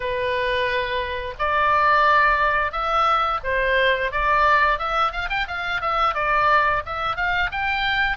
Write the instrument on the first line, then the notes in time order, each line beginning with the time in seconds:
oboe
0.00 B4
1.39 D5
2.71 E5
3.43 C5
4.11 D5
4.78 E5
5.11 F5
5.29 G5
5.47 F5
5.81 E5
6.14 D5
6.85 E5
7.16 F5
7.51 G5